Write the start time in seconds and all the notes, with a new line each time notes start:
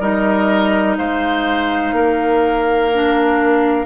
0.00 G3 D#4 A#4 D#5
0.97 G#3 C5 F5
1.93 A#3 A#4
2.94 D4